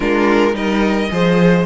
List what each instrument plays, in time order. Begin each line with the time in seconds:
0.00 cello G#3, viola D4, violin F4 A#4
0.52 cello G3, viola D#4, violin A#4 D#5
1.10 cello F3, viola G#4, violin C5